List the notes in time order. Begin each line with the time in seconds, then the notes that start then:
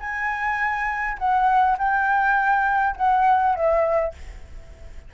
0.00 G#5
1.19 F#5
1.78 G5
2.97 F#5
3.56 E5